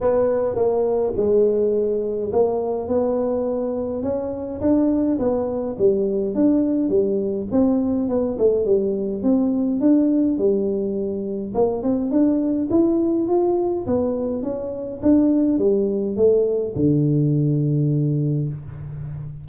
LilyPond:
\new Staff \with { instrumentName = "tuba" } { \time 4/4 \tempo 4 = 104 b4 ais4 gis2 | ais4 b2 cis'4 | d'4 b4 g4 d'4 | g4 c'4 b8 a8 g4 |
c'4 d'4 g2 | ais8 c'8 d'4 e'4 f'4 | b4 cis'4 d'4 g4 | a4 d2. | }